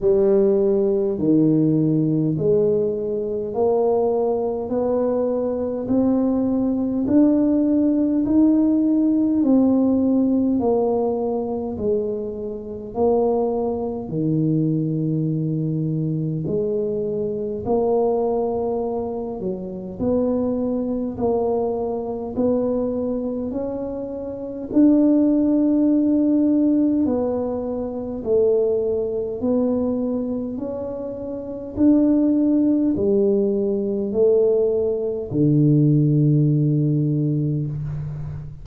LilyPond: \new Staff \with { instrumentName = "tuba" } { \time 4/4 \tempo 4 = 51 g4 dis4 gis4 ais4 | b4 c'4 d'4 dis'4 | c'4 ais4 gis4 ais4 | dis2 gis4 ais4~ |
ais8 fis8 b4 ais4 b4 | cis'4 d'2 b4 | a4 b4 cis'4 d'4 | g4 a4 d2 | }